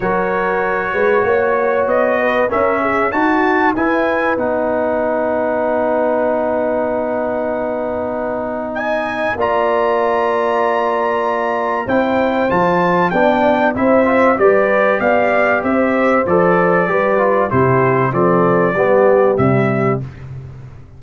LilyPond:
<<
  \new Staff \with { instrumentName = "trumpet" } { \time 4/4 \tempo 4 = 96 cis''2. dis''4 | e''4 a''4 gis''4 fis''4~ | fis''1~ | fis''2 gis''4 ais''4~ |
ais''2. g''4 | a''4 g''4 e''4 d''4 | f''4 e''4 d''2 | c''4 d''2 e''4 | }
  \new Staff \with { instrumentName = "horn" } { \time 4/4 ais'4. b'8 cis''4. b'8 | ais'8 gis'8 fis'4 b'2~ | b'1~ | b'2 dis''4 d''4~ |
d''2. c''4~ | c''4 d''4 c''4 b'4 | d''4 c''2 b'4 | g'4 a'4 g'2 | }
  \new Staff \with { instrumentName = "trombone" } { \time 4/4 fis'1 | cis'4 fis'4 e'4 dis'4~ | dis'1~ | dis'2. f'4~ |
f'2. e'4 | f'4 d'4 e'8 f'8 g'4~ | g'2 a'4 g'8 f'8 | e'4 c'4 b4 g4 | }
  \new Staff \with { instrumentName = "tuba" } { \time 4/4 fis4. gis8 ais4 b4 | cis'4 dis'4 e'4 b4~ | b1~ | b2. ais4~ |
ais2. c'4 | f4 b4 c'4 g4 | b4 c'4 f4 g4 | c4 f4 g4 c4 | }
>>